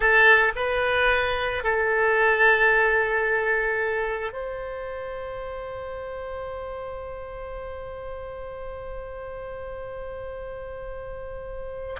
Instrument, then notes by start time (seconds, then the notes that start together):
oboe
0.00 A4
0.55 B4
1.63 A4
4.32 C5